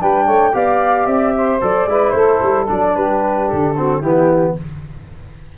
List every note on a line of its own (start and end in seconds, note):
0.00 0.27 G3
0.00 0.53 D4
0.00 0.25 B4
0.00 0.55 G5
0.25 0.54 A3
0.25 0.51 C#5
0.53 1.06 B3
0.53 1.60 G4
0.53 1.35 D5
0.53 1.06 F5
1.06 1.60 C4
1.06 1.59 E5
1.36 1.89 C5
1.61 1.86 F#3
1.61 1.88 A4
1.61 2.11 D5
1.86 2.13 G#3
1.86 2.67 E4
1.86 2.15 B4
2.11 2.40 A3
2.11 2.95 A4
2.11 2.64 C5
2.43 2.69 G3
2.67 2.96 F#3
2.67 3.74 D4
2.67 2.96 D5
2.96 3.50 G3
2.96 3.77 G4
2.96 3.49 B4
3.49 4.02 D3
3.49 4.01 A4
3.77 4.04 C4
3.77 3.99 F#4
3.99 4.55 E3
3.99 4.57 B3
3.99 4.53 E4
3.99 4.55 G4